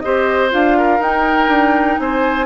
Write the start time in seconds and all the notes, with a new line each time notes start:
0.00 C4 G4 C5 D#5
0.50 D4 F4 F5
0.78 A#4
0.99 D#4 G5
1.48 D4
1.99 C4 C5 G#5